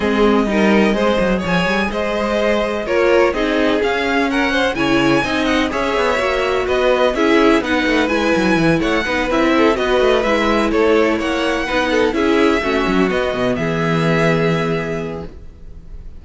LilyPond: <<
  \new Staff \with { instrumentName = "violin" } { \time 4/4 \tempo 4 = 126 dis''2. gis''4 | dis''2 cis''4 dis''4 | f''4 fis''4 gis''4. fis''8 | e''2 dis''4 e''4 |
fis''4 gis''4. fis''4 e''8~ | e''8 dis''4 e''4 cis''4 fis''8~ | fis''4. e''2 dis''8~ | dis''8 e''2.~ e''8 | }
  \new Staff \with { instrumentName = "violin" } { \time 4/4 gis'4 ais'4 c''4 cis''4 | c''2 ais'4 gis'4~ | gis'4 ais'8 c''8 cis''4 dis''4 | cis''2 b'4 gis'4 |
b'2~ b'8 cis''8 b'4 | a'8 b'2 a'4 cis''8~ | cis''8 b'8 a'8 gis'4 fis'4.~ | fis'8 gis'2.~ gis'8 | }
  \new Staff \with { instrumentName = "viola" } { \time 4/4 c'4 dis'4 gis'2~ | gis'2 f'4 dis'4 | cis'2 e'4 dis'4 | gis'4 fis'2 e'4 |
dis'4 e'2 dis'8 e'8~ | e'8 fis'4 e'2~ e'8~ | e'8 dis'4 e'4 cis'4 b8~ | b1 | }
  \new Staff \with { instrumentName = "cello" } { \time 4/4 gis4 g4 gis8 fis8 f8 g8 | gis2 ais4 c'4 | cis'2 cis4 c'4 | cis'8 b8 ais4 b4 cis'4 |
b8 a8 gis8 fis8 e8 a8 b8 c'8~ | c'8 b8 a8 gis4 a4 ais8~ | ais8 b4 cis'4 a8 fis8 b8 | b,8 e2.~ e8 | }
>>